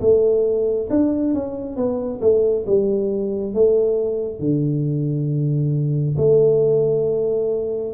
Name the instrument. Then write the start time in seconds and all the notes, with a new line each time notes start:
tuba
0.00 A3
0.90 D4
1.34 C#4
1.76 B3
2.21 A3
2.66 G3
3.54 A3
4.39 D3
6.17 A3